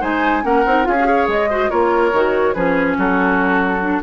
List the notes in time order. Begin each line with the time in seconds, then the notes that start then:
0.00 G#3 D#4 C5 G#5
0.42 A#3 C#4 A#4 F#5
0.65 C4 D#4
0.83 C#4 F4 G#4 F5
1.00 F#4 G#4
1.07 C#5
1.27 G#3 D#5
1.49 F#4 C5
1.69 A#3 F4 A#4 C#5
2.12 D#3 F#4
2.53 F3 C#4 G#4 B4
2.97 F#3 F#4 A4
3.80 D4